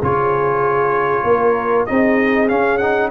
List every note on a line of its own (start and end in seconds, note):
0.00 1.24 C#3
0.00 1.88 F4
0.00 1.24 G#4
0.00 1.86 C#5
1.24 1.86 A#3
1.24 1.89 A#4
1.86 2.51 C4
1.86 2.49 D#4
1.86 3.11 G#4
1.86 2.48 D#5
2.49 2.80 C#4
2.49 3.11 C#4
2.49 2.78 F5
2.78 3.11 D#4
2.78 3.09 F#5